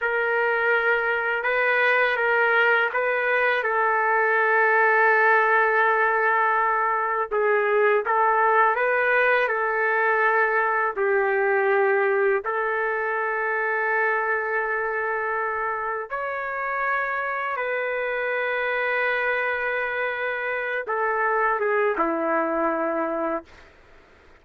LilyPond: \new Staff \with { instrumentName = "trumpet" } { \time 4/4 \tempo 4 = 82 ais'2 b'4 ais'4 | b'4 a'2.~ | a'2 gis'4 a'4 | b'4 a'2 g'4~ |
g'4 a'2.~ | a'2 cis''2 | b'1~ | b'8 a'4 gis'8 e'2 | }